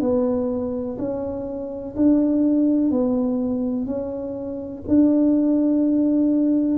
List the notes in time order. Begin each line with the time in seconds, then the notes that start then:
0.00 B3
0.98 C#4
1.96 D4
2.91 B3
3.86 C#4
4.88 D4